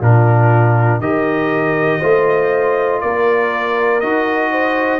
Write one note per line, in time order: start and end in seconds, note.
0.00 1.00 A#2
0.00 1.02 D4
0.00 1.00 F4
0.00 1.01 A#4
1.00 2.00 D#3
1.00 2.02 G4
1.00 1.99 A#4
1.00 3.01 D#5
1.99 3.03 A3
1.99 4.02 F4
1.99 2.99 C5
3.01 4.03 A#3
3.01 4.52 A#4
3.01 4.01 D5
4.01 5.00 D#4
4.01 5.00 F#4
4.01 5.00 D#5
4.52 5.00 C5